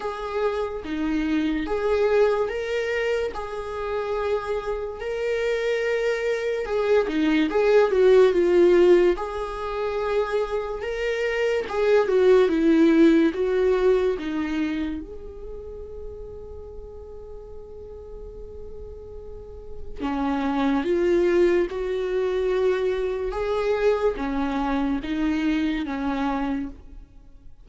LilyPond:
\new Staff \with { instrumentName = "viola" } { \time 4/4 \tempo 4 = 72 gis'4 dis'4 gis'4 ais'4 | gis'2 ais'2 | gis'8 dis'8 gis'8 fis'8 f'4 gis'4~ | gis'4 ais'4 gis'8 fis'8 e'4 |
fis'4 dis'4 gis'2~ | gis'1 | cis'4 f'4 fis'2 | gis'4 cis'4 dis'4 cis'4 | }